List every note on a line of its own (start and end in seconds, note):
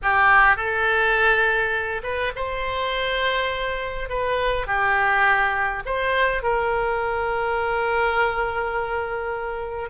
0.02 0.56 G4
0.56 2.02 A4
2.03 2.32 B4
2.35 4.09 C5
4.09 4.66 B4
4.66 5.83 G4
5.85 6.43 C5
6.43 9.89 A#4